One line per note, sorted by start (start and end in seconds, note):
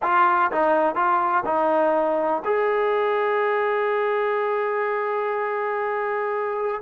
0.02 0.51 F4
0.51 0.95 D#4
0.95 1.44 F4
1.45 2.43 D#4
2.45 6.82 G#4